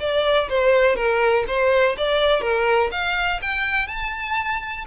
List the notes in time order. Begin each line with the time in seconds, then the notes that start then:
0.00 D5
0.49 C5
0.96 A#4
1.47 C5
1.97 D5
2.41 A#4
2.91 F5
3.42 G5
3.88 A5